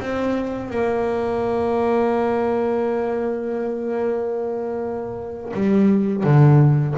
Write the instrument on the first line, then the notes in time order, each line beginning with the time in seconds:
double bass
0.00 C4
0.70 A#3
5.53 G3
6.23 D3